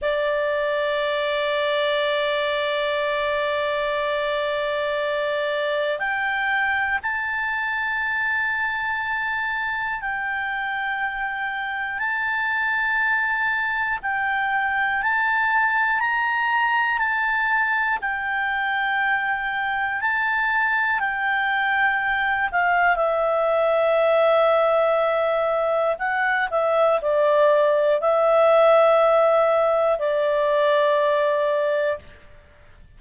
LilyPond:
\new Staff \with { instrumentName = "clarinet" } { \time 4/4 \tempo 4 = 60 d''1~ | d''2 g''4 a''4~ | a''2 g''2 | a''2 g''4 a''4 |
ais''4 a''4 g''2 | a''4 g''4. f''8 e''4~ | e''2 fis''8 e''8 d''4 | e''2 d''2 | }